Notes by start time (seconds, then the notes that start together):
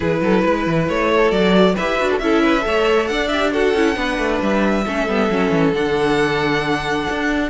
0.00 E3 E4 G#4 B4
0.21 F#3 A4
0.44 G#3 B4
0.66 E3
0.88 A3 C#5
1.10 A4
1.31 F#3 F#4 D5
1.74 E4 G4 B4 E5
1.99 D4 F#4
2.11 A4
2.18 C#4 E4 A4 E5
2.43 B4
2.61 A3 A4 C#5
3.07 D4 D5 F#5
3.28 G4 E5
3.52 F#4 A4 F#5
3.73 C#4 E4
3.95 B3 D4 B4
4.18 A3
4.41 G3 E5
4.84 A3 C#4 A4
5.07 G3 B3
5.30 F#3 C#4
5.50 E3
5.73 D3 D4 F#5
7.09 D4